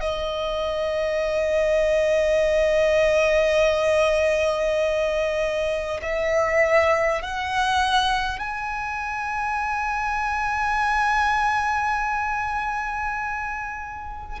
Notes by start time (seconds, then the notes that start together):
0.00 D#5
6.02 E5
7.22 F#5
8.39 G#5